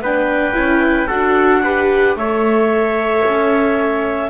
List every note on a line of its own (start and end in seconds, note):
0.00 0.54 B3
0.00 0.54 D4
0.00 1.07 B4
0.00 1.08 G5
0.54 1.07 C#4
0.54 1.07 E4
1.07 2.15 D4
1.07 1.64 F#4
1.07 1.60 A4
1.07 2.16 F#5
1.63 2.18 G4
1.63 2.17 B4
2.15 3.23 A3
2.15 4.30 A4
2.15 4.30 C#5
2.15 4.30 E5
3.24 4.30 C#4